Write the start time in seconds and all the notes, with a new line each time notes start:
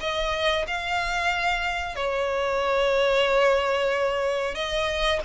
0.00 D#5
0.67 F5
1.96 C#5
4.55 D#5